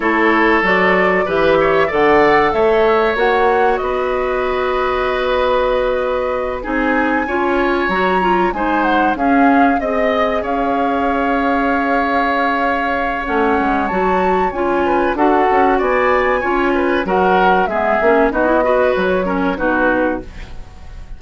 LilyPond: <<
  \new Staff \with { instrumentName = "flute" } { \time 4/4 \tempo 4 = 95 cis''4 d''4 e''4 fis''4 | e''4 fis''4 dis''2~ | dis''2~ dis''8 gis''4.~ | gis''8 ais''4 gis''8 fis''8 f''4 dis''8~ |
dis''8 f''2.~ f''8~ | f''4 fis''4 a''4 gis''4 | fis''4 gis''2 fis''4 | e''4 dis''4 cis''4 b'4 | }
  \new Staff \with { instrumentName = "oboe" } { \time 4/4 a'2 b'8 cis''8 d''4 | cis''2 b'2~ | b'2~ b'8 gis'4 cis''8~ | cis''4. c''4 gis'4 dis''8~ |
dis''8 cis''2.~ cis''8~ | cis''2.~ cis''8 b'8 | a'4 d''4 cis''8 b'8 ais'4 | gis'4 fis'8 b'4 ais'8 fis'4 | }
  \new Staff \with { instrumentName = "clarinet" } { \time 4/4 e'4 fis'4 g'4 a'4~ | a'4 fis'2.~ | fis'2~ fis'8 dis'4 f'8~ | f'8 fis'8 f'8 dis'4 cis'4 gis'8~ |
gis'1~ | gis'4 cis'4 fis'4 f'4 | fis'2 f'4 fis'4 | b8 cis'8 dis'16 e'16 fis'4 cis'8 dis'4 | }
  \new Staff \with { instrumentName = "bassoon" } { \time 4/4 a4 fis4 e4 d4 | a4 ais4 b2~ | b2~ b8 c'4 cis'8~ | cis'8 fis4 gis4 cis'4 c'8~ |
c'8 cis'2.~ cis'8~ | cis'4 a8 gis8 fis4 cis'4 | d'8 cis'8 b4 cis'4 fis4 | gis8 ais8 b4 fis4 b,4 | }
>>